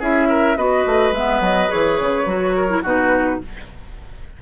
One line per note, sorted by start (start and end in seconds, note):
0.00 0.57 C#4
0.00 0.57 E4
0.00 0.28 G#4
0.00 0.57 E5
0.29 0.58 A#4
0.57 0.85 B3
0.57 1.14 F#4
0.57 2.56 B4
0.57 1.14 D#5
0.86 1.11 A3
1.11 1.40 G#3
1.11 1.69 B3
1.11 1.42 E5
1.41 1.69 F#3
1.41 1.71 D#5
1.69 2.00 E3
1.69 2.25 G#4
1.69 2.84 C#5
2.00 2.26 C#3
2.26 2.82 F#3
2.26 2.68 F#4
2.57 2.83 A#4
2.69 2.83 E4
2.83 3.40 B2
2.83 3.42 D#4
2.83 3.39 F#4
2.83 3.43 B4